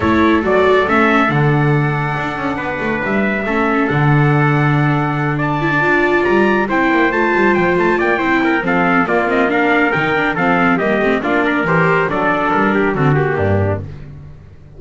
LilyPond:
<<
  \new Staff \with { instrumentName = "trumpet" } { \time 4/4 \tempo 4 = 139 cis''4 d''4 e''4 fis''4~ | fis''2. e''4~ | e''4 fis''2.~ | fis''8 a''2 ais''4 g''8~ |
g''8 a''4 g''8 a''8 g''4. | f''4 d''8 dis''8 f''4 g''4 | f''4 dis''4 d''4 c''4 | d''4 ais'4 a'8 g'4. | }
  \new Staff \with { instrumentName = "trumpet" } { \time 4/4 a'1~ | a'2 b'2 | a'1~ | a'8 d''2. c''8~ |
c''2~ c''8 d''8 c''8 ais'8 | a'4 f'4 ais'2 | a'4 g'4 f'8 ais'4. | a'4. g'8 fis'4 d'4 | }
  \new Staff \with { instrumentName = "viola" } { \time 4/4 e'4 fis'4 cis'4 d'4~ | d'1 | cis'4 d'2.~ | d'4 e'16 d'16 f'2 e'8~ |
e'8 f'2~ f'8 e'4 | c'4 ais8 c'8 d'4 dis'8 d'8 | c'4 ais8 c'8 d'4 g'4 | d'2 c'8 ais4. | }
  \new Staff \with { instrumentName = "double bass" } { \time 4/4 a4 fis4 a4 d4~ | d4 d'8 cis'8 b8 a8 g4 | a4 d2.~ | d4. d'4 g4 c'8 |
ais8 a8 g8 f8 a8 ais8 c'4 | f4 ais2 dis4 | f4 g8 a8 ais4 e4 | fis4 g4 d4 g,4 | }
>>